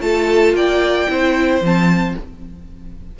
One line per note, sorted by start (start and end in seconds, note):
0.00 0.54 A3
0.00 1.08 F4
0.00 0.57 A4
0.00 0.54 A5
0.54 1.07 A#3
0.54 1.10 D5
0.54 1.63 G5
1.08 1.60 C4
1.08 1.61 E4
1.08 2.18 C5
1.60 2.14 F3
1.60 2.17 C4
1.60 2.19 A5